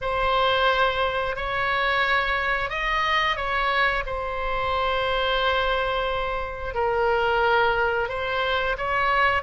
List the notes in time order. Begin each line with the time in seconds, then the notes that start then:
0.01 C5
1.35 C#5
2.69 D#5
3.36 C#5
4.06 C5
6.74 A#4
8.09 C5
8.77 C#5